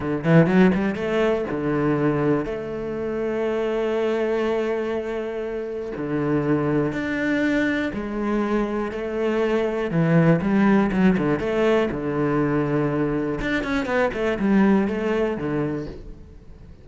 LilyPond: \new Staff \with { instrumentName = "cello" } { \time 4/4 \tempo 4 = 121 d8 e8 fis8 g8 a4 d4~ | d4 a2.~ | a1 | d2 d'2 |
gis2 a2 | e4 g4 fis8 d8 a4 | d2. d'8 cis'8 | b8 a8 g4 a4 d4 | }